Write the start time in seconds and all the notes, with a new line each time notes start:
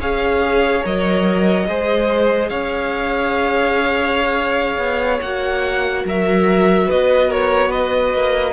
0.00 C#4 G#4 C#5 F5
0.83 F#3 A#4 D#5
1.68 G#3 G#4 C5
2.50 C#4 C#5 F5
4.78 B3
5.22 A#3 F#4 F#5
6.05 F#3 A#4 E5
6.87 B3 B4 D#5
7.28 A#4 C#5
7.70 B4 D#5
8.14 A#3